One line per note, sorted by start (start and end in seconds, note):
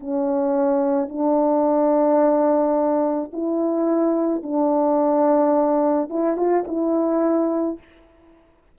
0.00 1.09 C#4
1.09 3.31 D4
3.32 4.42 E4
4.42 6.09 D4
6.10 6.36 E4
6.36 6.64 F4
6.67 7.78 E4